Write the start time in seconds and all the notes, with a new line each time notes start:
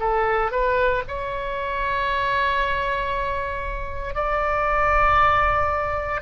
0.00 A4
0.51 B4
1.08 C#5
4.15 D5